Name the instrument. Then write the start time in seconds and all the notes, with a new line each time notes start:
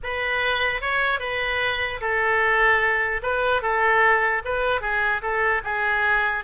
oboe
0.03 B4
0.81 C#5
1.19 B4
2.00 A4
3.22 B4
3.62 A4
4.44 B4
4.81 G#4
5.21 A4
5.64 G#4